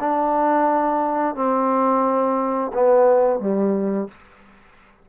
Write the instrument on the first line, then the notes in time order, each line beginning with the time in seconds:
trombone
0.00 D4
1.35 C4
2.73 B3
3.40 G3